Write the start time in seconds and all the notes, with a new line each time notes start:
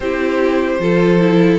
0.00 C4 E4 G4 C5
0.79 F3 F4 A4
1.20 E4